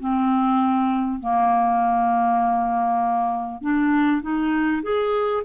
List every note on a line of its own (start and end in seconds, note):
0.00 1.20 C4
1.20 3.62 A#3
3.62 4.22 D4
4.22 4.83 D#4
4.83 5.44 G#4